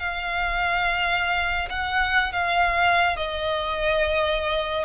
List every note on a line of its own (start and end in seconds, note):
0.00 1.69 F5
1.70 2.33 F#5
2.33 3.17 F5
3.17 4.85 D#5